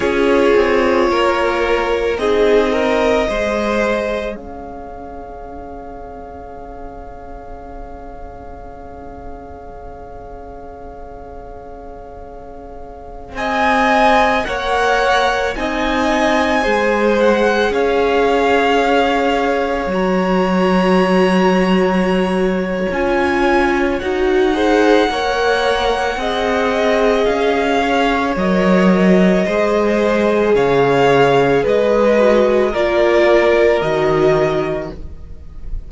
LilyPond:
<<
  \new Staff \with { instrumentName = "violin" } { \time 4/4 \tempo 4 = 55 cis''2 dis''2 | f''1~ | f''1~ | f''16 gis''4 fis''4 gis''4. fis''16~ |
fis''16 f''2 ais''4.~ ais''16~ | ais''4 gis''4 fis''2~ | fis''4 f''4 dis''2 | f''4 dis''4 d''4 dis''4 | }
  \new Staff \with { instrumentName = "violin" } { \time 4/4 gis'4 ais'4 gis'8 ais'8 c''4 | cis''1~ | cis''1~ | cis''16 dis''4 cis''4 dis''4 c''8.~ |
c''16 cis''2.~ cis''8.~ | cis''2~ cis''8 c''8 cis''4 | dis''4. cis''4. c''4 | cis''4 b'4 ais'2 | }
  \new Staff \with { instrumentName = "viola" } { \time 4/4 f'2 dis'4 gis'4~ | gis'1~ | gis'1~ | gis'4~ gis'16 ais'4 dis'4 gis'8.~ |
gis'2~ gis'16 fis'4.~ fis'16~ | fis'4 f'4 fis'8 gis'8 ais'4 | gis'2 ais'4 gis'4~ | gis'4. fis'8 f'4 fis'4 | }
  \new Staff \with { instrumentName = "cello" } { \time 4/4 cis'8 c'8 ais4 c'4 gis4 | cis'1~ | cis'1~ | cis'16 c'4 ais4 c'4 gis8.~ |
gis16 cis'2 fis4.~ fis16~ | fis4 cis'4 dis'4 ais4 | c'4 cis'4 fis4 gis4 | cis4 gis4 ais4 dis4 | }
>>